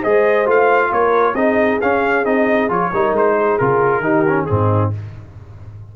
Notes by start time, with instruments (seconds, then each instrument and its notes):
0.00 tuba G#3, trombone G#4, horn C5, trumpet D#5
0.46 tuba A3, trombone F4, trumpet F5
0.91 tuba A#3, horn A#4, trumpet C#5
1.34 tuba C4, trombone D#4, horn G#4, trumpet D#5
1.81 tuba C#4, trombone C#4, trumpet F5
2.25 tuba C4, trombone D#4, trumpet D#5
2.69 tuba F3, trombone F4, trumpet C#5
2.91 tuba G3, trombone D#4, horn A#4
3.12 tuba G#3, trumpet C5
3.38 horn G#4
3.58 tuba C#3, trombone F4, trumpet A#4
3.99 tuba D#3, trombone D#4, horn G4
4.28 trombone C#4
4.46 tuba G#2, trombone C4, horn D#4, trumpet G#4